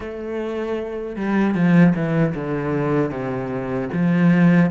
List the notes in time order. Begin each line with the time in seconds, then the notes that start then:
0.00 A3
1.16 G3
1.54 F3
1.95 E3
2.34 D3
3.11 C3
3.92 F3